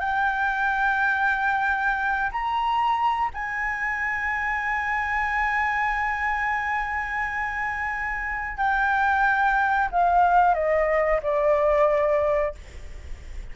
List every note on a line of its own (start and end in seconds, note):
0.00 2.31 G5
2.31 3.30 A#5
3.34 8.57 G#5
8.57 9.89 G5
9.91 10.54 F5
10.54 11.20 D#5
11.23 12.55 D5